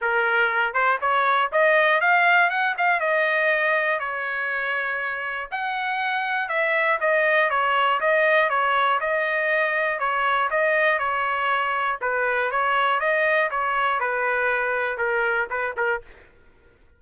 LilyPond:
\new Staff \with { instrumentName = "trumpet" } { \time 4/4 \tempo 4 = 120 ais'4. c''8 cis''4 dis''4 | f''4 fis''8 f''8 dis''2 | cis''2. fis''4~ | fis''4 e''4 dis''4 cis''4 |
dis''4 cis''4 dis''2 | cis''4 dis''4 cis''2 | b'4 cis''4 dis''4 cis''4 | b'2 ais'4 b'8 ais'8 | }